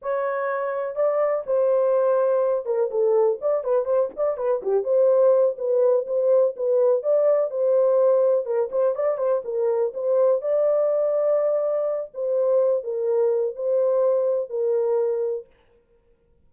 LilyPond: \new Staff \with { instrumentName = "horn" } { \time 4/4 \tempo 4 = 124 cis''2 d''4 c''4~ | c''4. ais'8 a'4 d''8 b'8 | c''8 d''8 b'8 g'8 c''4. b'8~ | b'8 c''4 b'4 d''4 c''8~ |
c''4. ais'8 c''8 d''8 c''8 ais'8~ | ais'8 c''4 d''2~ d''8~ | d''4 c''4. ais'4. | c''2 ais'2 | }